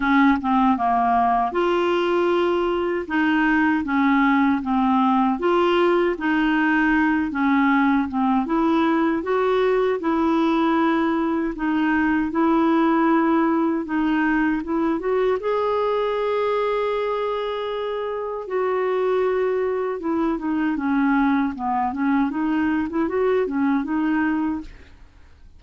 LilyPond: \new Staff \with { instrumentName = "clarinet" } { \time 4/4 \tempo 4 = 78 cis'8 c'8 ais4 f'2 | dis'4 cis'4 c'4 f'4 | dis'4. cis'4 c'8 e'4 | fis'4 e'2 dis'4 |
e'2 dis'4 e'8 fis'8 | gis'1 | fis'2 e'8 dis'8 cis'4 | b8 cis'8 dis'8. e'16 fis'8 cis'8 dis'4 | }